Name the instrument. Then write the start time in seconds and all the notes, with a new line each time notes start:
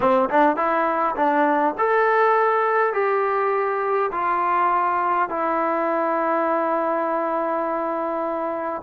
trombone
0.00 C4
0.29 D4
0.56 E4
1.16 D4
1.78 A4
2.93 G4
4.11 F4
5.29 E4